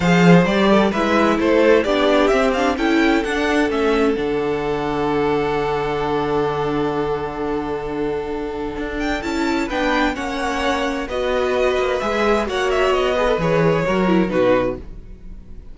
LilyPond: <<
  \new Staff \with { instrumentName = "violin" } { \time 4/4 \tempo 4 = 130 f''4 d''4 e''4 c''4 | d''4 e''8 f''8 g''4 fis''4 | e''4 fis''2.~ | fis''1~ |
fis''2.~ fis''8 g''8 | a''4 g''4 fis''2 | dis''2 e''4 fis''8 e''8 | dis''4 cis''2 b'4 | }
  \new Staff \with { instrumentName = "violin" } { \time 4/4 c''4. a'8 b'4 a'4 | g'2 a'2~ | a'1~ | a'1~ |
a'1~ | a'4 b'4 cis''2 | b'2. cis''4~ | cis''8 b'4. ais'4 fis'4 | }
  \new Staff \with { instrumentName = "viola" } { \time 4/4 gis'4 g'4 e'2 | d'4 c'8 d'8 e'4 d'4 | cis'4 d'2.~ | d'1~ |
d'1 | e'4 d'4 cis'2 | fis'2 gis'4 fis'4~ | fis'8 gis'16 a'16 gis'4 fis'8 e'8 dis'4 | }
  \new Staff \with { instrumentName = "cello" } { \time 4/4 f4 g4 gis4 a4 | b4 c'4 cis'4 d'4 | a4 d2.~ | d1~ |
d2. d'4 | cis'4 b4 ais2 | b4. ais8 gis4 ais4 | b4 e4 fis4 b,4 | }
>>